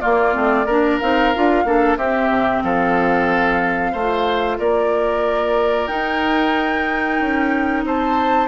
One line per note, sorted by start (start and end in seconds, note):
0.00 0.33 A#3
0.00 0.36 A#3
0.00 0.66 F4
0.00 0.98 D5
0.33 0.66 A3
0.33 0.65 C4
0.66 0.99 A#3
0.66 1.01 D4
0.66 1.64 A#4
0.99 1.35 C4
0.99 1.34 D#4
0.99 1.97 F5
1.35 1.65 D4
1.35 1.66 F4
1.65 1.97 A#3
1.65 1.98 D4
1.65 1.98 A4
1.97 2.29 C4
1.97 3.96 C4
1.97 2.63 G4
1.97 2.62 E5
2.29 2.62 C3
2.63 3.93 F3
2.63 3.92 A4
2.63 4.59 F5
3.92 4.59 A3
3.92 5.88 F4
3.92 4.57 C5
4.59 5.90 A#3
4.59 7.85 A#4
4.59 5.87 D5
5.87 8.47 D#4
5.87 7.20 D#4
5.87 7.83 G5
7.20 7.84 C#4
7.84 8.47 C4
7.84 8.47 C5
7.84 8.47 A5